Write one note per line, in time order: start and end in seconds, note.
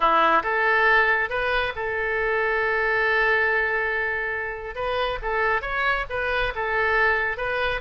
0.00 0.42 E4
0.43 1.29 A4
1.29 1.73 B4
1.75 4.75 A4
4.75 5.18 B4
5.22 5.61 A4
5.61 6.05 C#5
6.09 6.53 B4
6.55 7.37 A4
7.37 7.80 B4